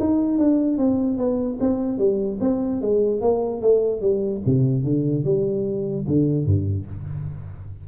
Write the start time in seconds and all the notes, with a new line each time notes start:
0.00 D#4
0.39 D4
0.78 C4
1.18 B3
1.61 C4
1.98 G3
2.41 C4
2.82 G#3
3.21 A#3
3.62 A3
4.01 G3
4.46 C3
4.84 D3
5.25 G3
6.08 D3
6.46 G2